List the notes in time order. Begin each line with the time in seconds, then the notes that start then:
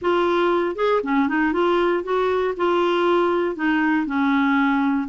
0.01 F4
0.75 G#4
1.03 C#4
1.28 D#4
1.52 F4
2.03 F#4
2.57 F4
3.55 D#4
4.06 C#4